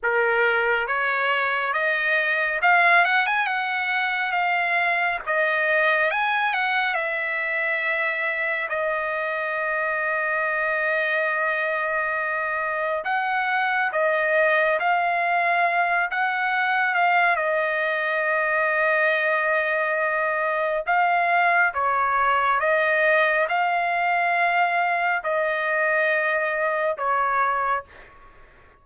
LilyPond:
\new Staff \with { instrumentName = "trumpet" } { \time 4/4 \tempo 4 = 69 ais'4 cis''4 dis''4 f''8 fis''16 gis''16 | fis''4 f''4 dis''4 gis''8 fis''8 | e''2 dis''2~ | dis''2. fis''4 |
dis''4 f''4. fis''4 f''8 | dis''1 | f''4 cis''4 dis''4 f''4~ | f''4 dis''2 cis''4 | }